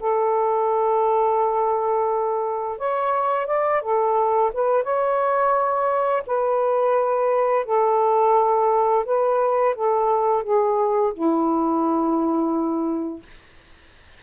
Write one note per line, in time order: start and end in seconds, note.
0.00 2.78 A4
2.78 3.47 C#5
3.47 3.82 D5
3.82 4.52 A4
4.53 4.84 B4
4.84 6.23 C#5
6.27 7.66 B4
7.66 9.05 A4
9.05 9.75 B4
9.75 10.43 A4
10.43 11.13 G#4
11.13 13.23 E4